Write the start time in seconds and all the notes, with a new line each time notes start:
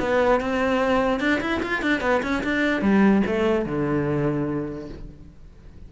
0.00 B3
0.41 C4
1.20 D4
1.41 E4
1.63 F4
1.83 D4
2.01 B3
2.23 C#4
2.44 D4
2.82 G3
3.27 A3
3.66 D3